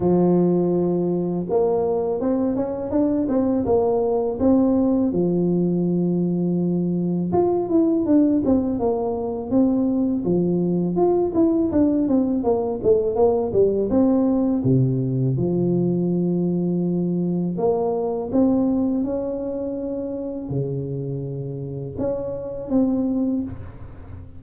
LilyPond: \new Staff \with { instrumentName = "tuba" } { \time 4/4 \tempo 4 = 82 f2 ais4 c'8 cis'8 | d'8 c'8 ais4 c'4 f4~ | f2 f'8 e'8 d'8 c'8 | ais4 c'4 f4 f'8 e'8 |
d'8 c'8 ais8 a8 ais8 g8 c'4 | c4 f2. | ais4 c'4 cis'2 | cis2 cis'4 c'4 | }